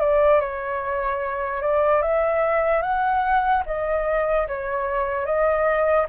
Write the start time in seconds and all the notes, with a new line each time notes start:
0.00 D5
0.41 C#5
1.61 D5
2.02 E5
2.82 F#5
3.66 D#5
4.47 C#5
5.26 D#5